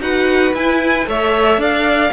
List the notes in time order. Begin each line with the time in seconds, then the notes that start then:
0.00 D#4 F#4 B4 F#5
0.54 E4 G#5
1.06 A3 A4 C#5 E5
1.57 D4 D5 F5